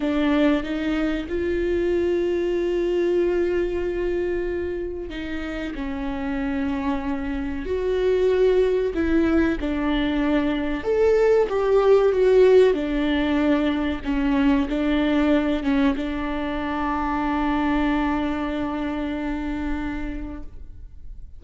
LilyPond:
\new Staff \with { instrumentName = "viola" } { \time 4/4 \tempo 4 = 94 d'4 dis'4 f'2~ | f'1 | dis'4 cis'2. | fis'2 e'4 d'4~ |
d'4 a'4 g'4 fis'4 | d'2 cis'4 d'4~ | d'8 cis'8 d'2.~ | d'1 | }